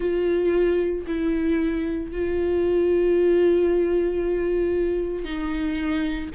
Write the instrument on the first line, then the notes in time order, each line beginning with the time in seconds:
viola
0.00 F4
1.07 E4
2.11 F4
5.24 D#4